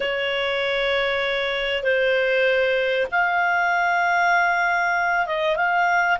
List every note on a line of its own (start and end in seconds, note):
0.00 1.82 C#5
1.82 3.06 C5
3.11 5.26 F5
5.26 5.56 D#5
5.56 6.17 F5